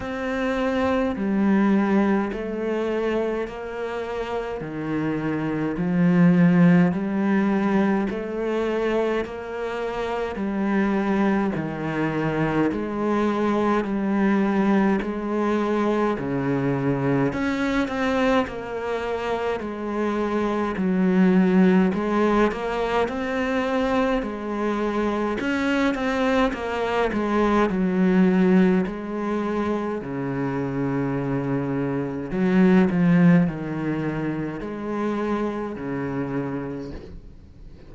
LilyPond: \new Staff \with { instrumentName = "cello" } { \time 4/4 \tempo 4 = 52 c'4 g4 a4 ais4 | dis4 f4 g4 a4 | ais4 g4 dis4 gis4 | g4 gis4 cis4 cis'8 c'8 |
ais4 gis4 fis4 gis8 ais8 | c'4 gis4 cis'8 c'8 ais8 gis8 | fis4 gis4 cis2 | fis8 f8 dis4 gis4 cis4 | }